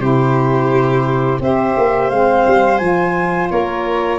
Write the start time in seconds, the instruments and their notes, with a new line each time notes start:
0.00 tuba C3, saxophone E4, violin G4, flute C5
1.40 tuba C4, saxophone G4, violin C5, flute E5
1.77 tuba A#3
2.10 tuba G#3, saxophone C4, flute F5
2.47 tuba G3
2.78 tuba F3, saxophone F4, flute G#5
3.50 tuba A#3, violin A#4, flute C#5